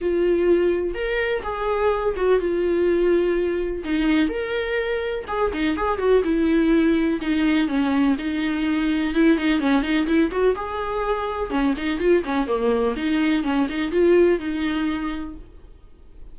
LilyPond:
\new Staff \with { instrumentName = "viola" } { \time 4/4 \tempo 4 = 125 f'2 ais'4 gis'4~ | gis'8 fis'8 f'2. | dis'4 ais'2 gis'8 dis'8 | gis'8 fis'8 e'2 dis'4 |
cis'4 dis'2 e'8 dis'8 | cis'8 dis'8 e'8 fis'8 gis'2 | cis'8 dis'8 f'8 cis'8 ais4 dis'4 | cis'8 dis'8 f'4 dis'2 | }